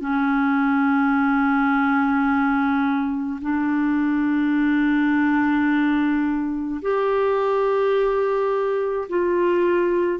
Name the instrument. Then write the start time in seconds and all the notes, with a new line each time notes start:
clarinet
0.00 C#4
3.41 D4
6.81 G4
9.09 F4